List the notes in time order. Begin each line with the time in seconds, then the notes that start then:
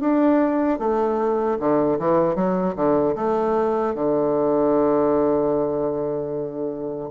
0.00 D4
0.79 A3
1.59 D3
1.99 E3
2.35 F#3
2.76 D3
3.15 A3
3.95 D3